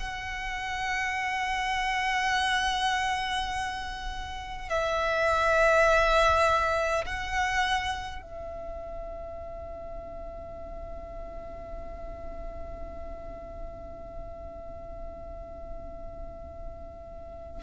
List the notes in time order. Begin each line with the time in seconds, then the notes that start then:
0.00 F#5
4.70 E5
7.06 F#5
8.22 E5